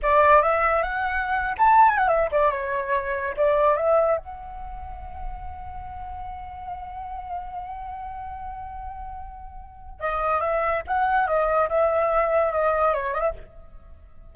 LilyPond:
\new Staff \with { instrumentName = "flute" } { \time 4/4 \tempo 4 = 144 d''4 e''4 fis''4.~ fis''16 a''16~ | a''8 gis''16 fis''16 e''8 d''8 cis''2 | d''4 e''4 fis''2~ | fis''1~ |
fis''1~ | fis''1 | dis''4 e''4 fis''4 dis''4 | e''2 dis''4 cis''8 dis''16 e''16 | }